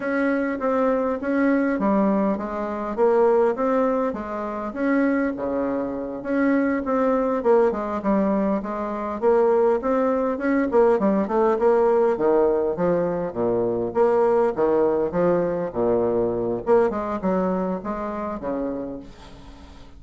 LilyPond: \new Staff \with { instrumentName = "bassoon" } { \time 4/4 \tempo 4 = 101 cis'4 c'4 cis'4 g4 | gis4 ais4 c'4 gis4 | cis'4 cis4. cis'4 c'8~ | c'8 ais8 gis8 g4 gis4 ais8~ |
ais8 c'4 cis'8 ais8 g8 a8 ais8~ | ais8 dis4 f4 ais,4 ais8~ | ais8 dis4 f4 ais,4. | ais8 gis8 fis4 gis4 cis4 | }